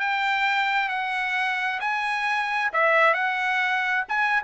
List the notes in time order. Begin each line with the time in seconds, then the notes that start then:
0.00 G5
0.89 F#5
1.80 G#5
2.73 E5
3.14 F#5
4.08 G#5